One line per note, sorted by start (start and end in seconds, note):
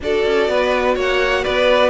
0.00 0.24 D4
0.00 1.89 F#4
0.00 0.50 A4
0.00 0.98 D5
0.25 0.48 C#4
0.48 0.96 B3
0.48 0.94 B4
0.94 1.44 A#3
0.94 1.42 C#5
0.94 1.44 F#5
1.42 1.89 B3
1.42 1.89 B4
1.42 1.89 D5